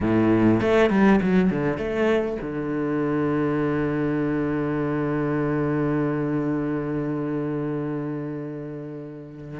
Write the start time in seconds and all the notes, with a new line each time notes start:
0.00 A2
0.61 A3
0.90 G3
1.21 F#3
1.50 D3
1.77 A3
2.41 D3